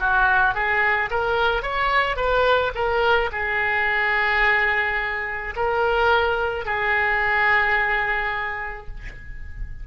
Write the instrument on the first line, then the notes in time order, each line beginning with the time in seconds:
oboe
0.00 F#4
0.55 G#4
1.11 A#4
1.63 C#5
2.17 B4
2.75 A#4
3.32 G#4
5.57 A#4
6.66 G#4